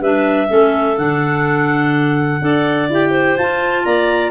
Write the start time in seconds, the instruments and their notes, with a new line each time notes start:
0.00 tuba G3, clarinet D4 B4 E5
0.48 tuba A3, clarinet C#4 A4
0.97 tuba D3, clarinet D4 F#5
2.40 tuba D4, clarinet A4 D5
2.89 tuba E4, clarinet G4 G5
3.10 clarinet C5
3.37 tuba F4, clarinet F4 A5
3.85 tuba A#3, clarinet D5 A#5